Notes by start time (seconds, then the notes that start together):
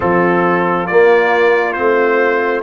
0.00 F3 C4 F4 A4
0.86 A#3 D5
1.72 A3 C4 C5